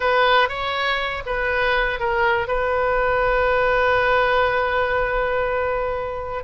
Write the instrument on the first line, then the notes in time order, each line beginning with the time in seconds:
oboe
0.00 B4
0.48 C#5
1.26 B4
1.99 A#4
2.47 B4